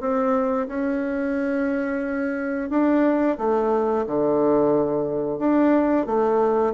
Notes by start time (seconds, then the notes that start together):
0.00 C4
0.68 C#4
2.70 D4
3.38 A3
4.07 D3
5.38 D4
6.06 A3